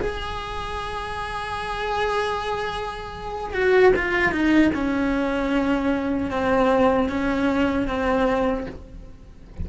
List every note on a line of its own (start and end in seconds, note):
0.00 3.53 G#4
3.53 3.92 F#4
3.95 4.31 F4
4.31 4.71 D#4
4.74 6.31 C#4
6.31 7.09 C4
7.09 7.87 C#4
7.87 8.66 C4